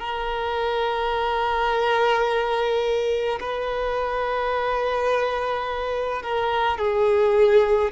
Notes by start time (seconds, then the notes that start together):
0.00 A#4
3.40 B4
6.23 A#4
6.78 G#4